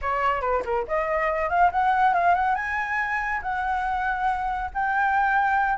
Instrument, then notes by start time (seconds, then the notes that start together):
flute
0.01 C#5
0.41 B4
0.64 A#4
0.87 D#5
1.49 F5
1.71 F#5
2.14 F5
2.34 F#5
2.55 G#5
3.42 F#5
4.74 G5